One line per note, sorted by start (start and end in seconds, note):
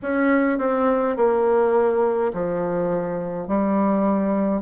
0.02 0.58 C#4
0.58 1.16 C4
1.16 2.31 A#3
2.33 3.47 F3
3.47 4.61 G3